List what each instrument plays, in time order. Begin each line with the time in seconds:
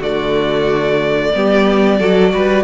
0.00 cello D3, viola A3, violin F#4 D5
1.35 cello G3, viola B3, violin G4
2.00 cello F#3, viola F#4, violin A4
2.34 cello G3, violin B4